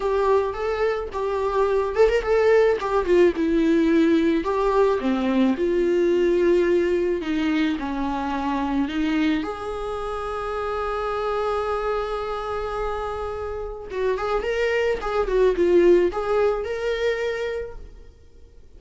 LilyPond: \new Staff \with { instrumentName = "viola" } { \time 4/4 \tempo 4 = 108 g'4 a'4 g'4. a'16 ais'16 | a'4 g'8 f'8 e'2 | g'4 c'4 f'2~ | f'4 dis'4 cis'2 |
dis'4 gis'2.~ | gis'1~ | gis'4 fis'8 gis'8 ais'4 gis'8 fis'8 | f'4 gis'4 ais'2 | }